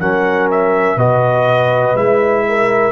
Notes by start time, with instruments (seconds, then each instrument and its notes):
0.00 tuba F#3, trombone C#4, horn A#4, trumpet F#5
0.51 trumpet E5
0.96 tuba B2, trombone F#4, horn B4, trumpet D#5
1.95 tuba G#3, trombone E4, trumpet E5
2.49 horn A#4